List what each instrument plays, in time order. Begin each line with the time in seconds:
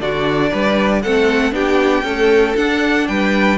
0.00 cello D3, viola D4, violin F#4 D5
0.51 cello G3, violin B4
1.02 cello A3, viola C4, violin A4 F#5
1.52 cello B3, viola D4, violin G4 G5
2.03 viola A3, cello C#4, violin A4
2.56 viola D4, cello D4, violin F#5
3.08 cello G3, violin B4 G5